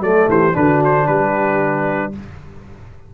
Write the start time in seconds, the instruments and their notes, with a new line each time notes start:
0.00 tuba F#3, trombone A3, horn A4, trumpet D5
0.28 tuba E3, horn G4, trumpet C5
0.53 tuba D3, trombone D4, trumpet B4
0.59 horn F#4
0.85 trumpet C5
1.07 tuba G3, horn G4, trumpet B4